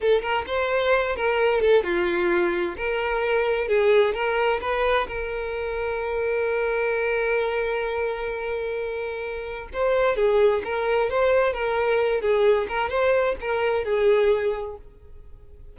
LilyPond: \new Staff \with { instrumentName = "violin" } { \time 4/4 \tempo 4 = 130 a'8 ais'8 c''4. ais'4 a'8 | f'2 ais'2 | gis'4 ais'4 b'4 ais'4~ | ais'1~ |
ais'1~ | ais'4 c''4 gis'4 ais'4 | c''4 ais'4. gis'4 ais'8 | c''4 ais'4 gis'2 | }